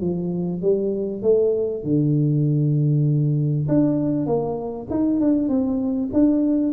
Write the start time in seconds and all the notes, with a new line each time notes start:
0.00 F3
0.61 G3
1.22 A3
1.83 D3
3.68 D4
4.26 A#3
4.90 D#4
5.20 D4
5.48 C4
6.13 D4